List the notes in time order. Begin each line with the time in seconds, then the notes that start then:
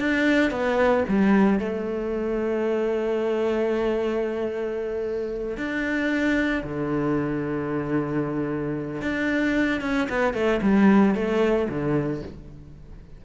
0.00 D4
0.51 B3
1.09 G3
1.60 A3
5.58 D4
6.64 D3
9.02 D4
9.82 C#4
10.10 B3
10.34 A3
10.62 G3
11.15 A3
11.70 D3